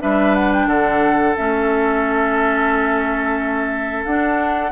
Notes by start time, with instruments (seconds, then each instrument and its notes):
0.00 bassoon G3, clarinet D4, oboe B4, flute E5
0.35 flute F#5
0.52 flute G5
0.66 bassoon D3, oboe A4, flute F#5
1.35 bassoon A3, clarinet C#4, flute E5
4.04 bassoon D4, clarinet D4, flute F#5